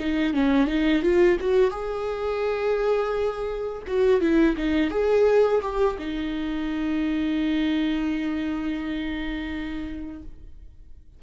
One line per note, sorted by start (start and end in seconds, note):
0.00 0.34 D#4
0.34 0.67 C#4
0.67 1.03 D#4
1.03 1.38 F4
1.40 1.71 F#4
1.71 3.83 G#4
3.88 4.21 F#4
4.21 4.56 E4
4.57 4.91 D#4
4.91 5.61 G#4
5.62 5.97 G4
5.99 10.23 D#4